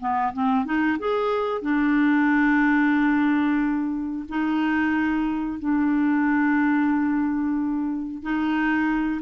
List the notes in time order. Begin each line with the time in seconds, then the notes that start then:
0.00 B3
0.33 C4
0.65 D#4
0.99 G#4
1.62 D4
4.29 D#4
5.59 D4
8.22 D#4